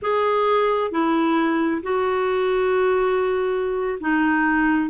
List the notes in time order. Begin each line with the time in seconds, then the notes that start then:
0.02 G#4
0.91 E4
1.82 F#4
4.00 D#4